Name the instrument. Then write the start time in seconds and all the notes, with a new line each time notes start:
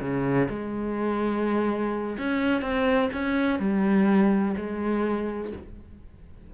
cello
0.00 C#3
0.49 G#3
2.18 C#4
2.62 C4
3.13 C#4
3.59 G3
4.56 G#3